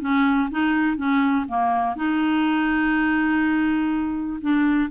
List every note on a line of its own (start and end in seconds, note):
0.00 0.49 C#4
0.50 0.96 D#4
0.96 1.45 C#4
1.48 1.96 A#3
1.96 4.40 D#4
4.41 4.90 D4